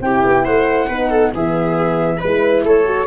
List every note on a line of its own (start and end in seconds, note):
0.00 0.22 C4
0.00 0.90 E4
0.00 0.44 G4
0.00 0.45 G5
0.25 0.47 B3
0.44 0.89 A3
0.44 0.88 C5
0.44 1.32 F#5
0.88 1.33 B3
0.88 1.33 D#4
0.88 1.09 B4
1.09 1.31 A4
1.33 2.21 E3
1.33 2.22 B3
1.33 2.17 G#4
1.33 2.20 E5
2.17 2.63 G#3
2.17 2.61 B4
2.17 2.63 B4
2.24 2.84 E4
2.63 3.07 A3
2.63 3.07 A4
2.63 3.07 C#5
2.84 3.06 F#4